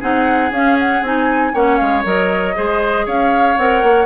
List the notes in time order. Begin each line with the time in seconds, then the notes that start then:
0.00 C4 D#4 G#4 F#5
0.51 C#4 F5
0.79 F#5
1.02 C4 D#4 G#5
1.54 A#3 C#4 C#5 F#5
1.77 G#3 F5
2.05 F#3 A#4 D#5
2.55 G#3 G#4 C5
3.06 C#4 C#5 F5
3.58 C4 A#4 F#5
3.83 A#3